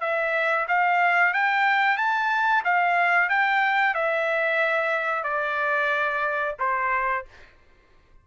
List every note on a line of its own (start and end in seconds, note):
0.00 0.66 E5
0.68 1.33 F5
1.33 1.97 G5
1.97 2.63 A5
2.64 3.29 F5
3.29 3.94 G5
3.94 5.23 E5
5.23 6.55 D5
6.59 7.25 C5